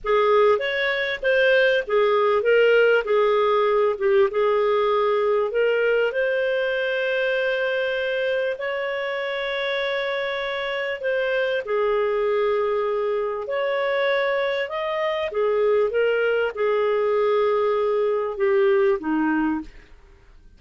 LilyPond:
\new Staff \with { instrumentName = "clarinet" } { \time 4/4 \tempo 4 = 98 gis'4 cis''4 c''4 gis'4 | ais'4 gis'4. g'8 gis'4~ | gis'4 ais'4 c''2~ | c''2 cis''2~ |
cis''2 c''4 gis'4~ | gis'2 cis''2 | dis''4 gis'4 ais'4 gis'4~ | gis'2 g'4 dis'4 | }